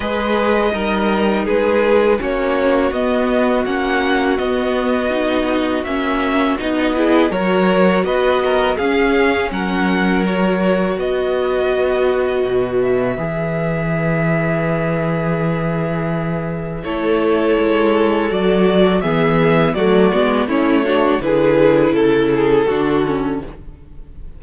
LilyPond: <<
  \new Staff \with { instrumentName = "violin" } { \time 4/4 \tempo 4 = 82 dis''2 b'4 cis''4 | dis''4 fis''4 dis''2 | e''4 dis''4 cis''4 dis''4 | f''4 fis''4 cis''4 dis''4~ |
dis''4. e''2~ e''8~ | e''2. cis''4~ | cis''4 d''4 e''4 d''4 | cis''4 b'4 a'2 | }
  \new Staff \with { instrumentName = "violin" } { \time 4/4 b'4 ais'4 gis'4 fis'4~ | fis'1~ | fis'4. gis'8 ais'4 b'8 ais'8 | gis'4 ais'2 b'4~ |
b'1~ | b'2. a'4~ | a'2 gis'4 fis'4 | e'8 fis'8 gis'4 a'8 gis'8 fis'4 | }
  \new Staff \with { instrumentName = "viola" } { \time 4/4 gis'4 dis'2 cis'4 | b4 cis'4 b4 dis'4 | cis'4 dis'8 e'8 fis'2 | cis'2 fis'2~ |
fis'2 gis'2~ | gis'2. e'4~ | e'4 fis'4 b4 a8 b8 | cis'8 d'8 e'2 d'8 cis'8 | }
  \new Staff \with { instrumentName = "cello" } { \time 4/4 gis4 g4 gis4 ais4 | b4 ais4 b2 | ais4 b4 fis4 b4 | cis'4 fis2 b4~ |
b4 b,4 e2~ | e2. a4 | gis4 fis4 e4 fis8 gis8 | a4 d4 cis4 d4 | }
>>